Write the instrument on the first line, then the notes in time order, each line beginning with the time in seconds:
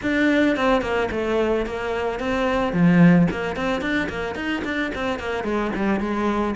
cello
0.02 D4
0.56 C4
0.81 A#3
1.11 A3
1.66 A#3
2.19 C4
2.72 F3
3.30 A#3
3.56 C4
3.81 D4
4.09 A#3
4.35 D#4
4.64 D4
4.94 C4
5.19 A#3
5.43 G#3
5.75 G3
6.00 G#3